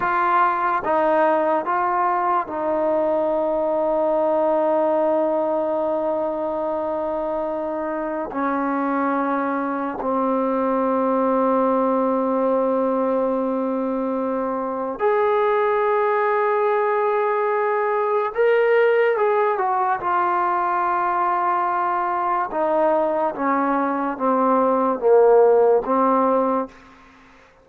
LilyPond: \new Staff \with { instrumentName = "trombone" } { \time 4/4 \tempo 4 = 72 f'4 dis'4 f'4 dis'4~ | dis'1~ | dis'2 cis'2 | c'1~ |
c'2 gis'2~ | gis'2 ais'4 gis'8 fis'8 | f'2. dis'4 | cis'4 c'4 ais4 c'4 | }